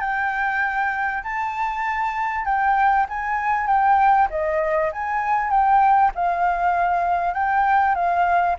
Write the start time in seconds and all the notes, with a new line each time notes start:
0.00 G5
1.23 A5
2.45 G5
3.09 G#5
3.67 G5
4.30 D#5
4.92 G#5
5.50 G5
6.15 F5
7.34 G5
7.95 F5